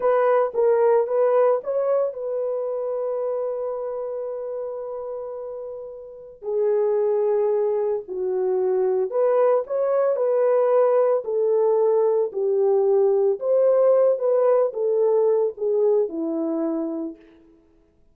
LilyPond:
\new Staff \with { instrumentName = "horn" } { \time 4/4 \tempo 4 = 112 b'4 ais'4 b'4 cis''4 | b'1~ | b'1 | gis'2. fis'4~ |
fis'4 b'4 cis''4 b'4~ | b'4 a'2 g'4~ | g'4 c''4. b'4 a'8~ | a'4 gis'4 e'2 | }